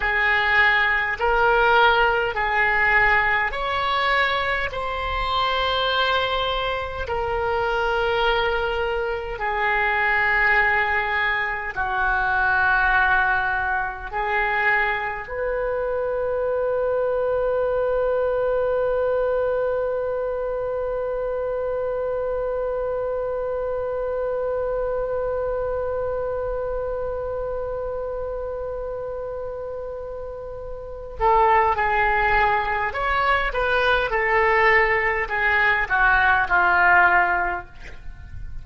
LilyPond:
\new Staff \with { instrumentName = "oboe" } { \time 4/4 \tempo 4 = 51 gis'4 ais'4 gis'4 cis''4 | c''2 ais'2 | gis'2 fis'2 | gis'4 b'2.~ |
b'1~ | b'1~ | b'2~ b'8 a'8 gis'4 | cis''8 b'8 a'4 gis'8 fis'8 f'4 | }